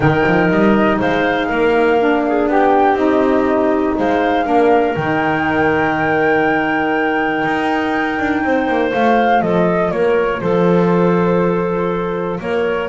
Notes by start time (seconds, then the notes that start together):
0.00 D#3 D#4 A#4 G5
0.26 F3
0.50 G3 D#5
0.98 G#3 C5 F5
1.48 A#3 A#4
1.99 D4
2.27 G#4
2.47 B3 G4 G5
2.94 C4 D#4 D#5
3.97 G#3 C5 F5
4.44 A#3 D4 A#4
4.94 D#3 D#4 G5
7.45 D#4
8.19 D4
8.43 C4 C5
8.67 A#3
8.92 A3 F4 F5
9.41 F3 A4 D#5
9.91 A#3 A#4 C#5
10.40 F3 A4 C5
12.40 A#3 A#4 C#5